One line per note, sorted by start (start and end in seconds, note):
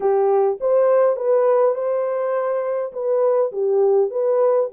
0.00 0.58 G4
0.60 1.16 C5
1.16 1.74 B4
1.74 2.92 C5
2.93 3.51 B4
3.52 4.10 G4
4.10 4.69 B4